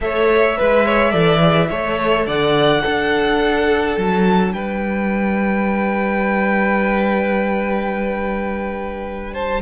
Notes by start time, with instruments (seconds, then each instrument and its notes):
0.00 cello A3, viola A4, violin C#5 E5
0.57 cello G#3, viola B4, violin B4
0.85 violin C#5
1.11 cello E3, viola A4, violin D5
1.41 viola G#4
1.70 cello A3, viola A4, violin C#5
2.26 cello D3, violin D5 F#5
2.81 viola D4, cello D4, violin A4
3.97 cello F#3, violin A5
4.52 cello G3, violin B4 G5
9.33 violin C5 A5